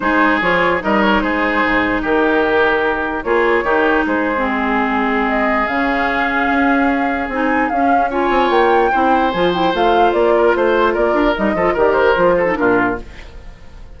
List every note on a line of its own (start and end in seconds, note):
0.00 0.41 G#3
0.00 0.41 D#4
0.00 0.83 G#4
0.00 0.40 C5
0.41 0.81 F3
0.41 0.80 F4
0.41 0.82 C#5
0.80 1.23 G3
0.80 3.23 D#4
0.80 1.22 A#4
0.80 1.02 D#5
1.02 1.20 C#5
1.20 1.63 G#3
1.20 2.02 G#4
1.20 2.01 C5
1.63 2.04 G#2
2.02 3.24 D#3
2.02 3.23 G4
2.02 3.23 A#4
3.23 3.62 A#3
3.23 3.64 F4
3.23 3.64 G#4
3.23 4.04 C#5
3.62 4.03 D#3
3.62 4.35 D#4
3.62 4.05 G4
4.06 5.68 G#3
4.06 8.10 G#4
4.06 4.47 C5
4.36 5.67 C4
4.48 5.29 G#4
5.29 5.67 D#5
5.67 6.49 C#3
5.67 7.30 C#4
5.67 7.29 F5
6.50 7.28 C#4
7.28 7.69 C4
7.28 7.71 D#4
7.28 7.68 G#5
7.68 8.29 C#4
7.68 8.10 C#4
7.68 8.09 F5
8.10 8.91 F4
8.10 8.91 C#5
8.10 8.50 G#5
8.29 8.49 C4
8.50 8.90 A#3
8.50 9.31 G5
8.91 9.33 C4
8.91 9.32 E4
8.91 10.33 C5
9.31 9.73 F3
9.31 9.53 F4
9.31 9.51 G#5
9.53 9.73 E4
9.53 9.73 G5
9.73 10.13 A3
9.73 11.35 F4
9.73 10.12 F5
10.12 10.53 A#3
10.12 10.53 D5
10.36 10.56 A#4
10.55 10.95 A3
10.55 10.94 C5
10.55 10.93 C5
10.93 11.13 A#3
10.93 11.54 A#4
10.93 11.34 D5
11.13 11.33 D4
11.35 11.54 G3
11.35 11.55 D#4
11.35 11.77 D#5
11.54 11.74 F3
11.54 11.77 F4
11.54 11.73 A4
11.73 12.15 D#3
11.73 12.15 G4
11.73 12.34 A#4
11.73 11.93 D5
11.93 12.53 C5
12.15 12.57 F3
12.15 12.45 F4
12.37 12.57 A4
12.45 12.54 D#4
12.54 13.00 A#2
12.54 12.95 D4
12.54 12.99 F4
12.54 12.96 A#4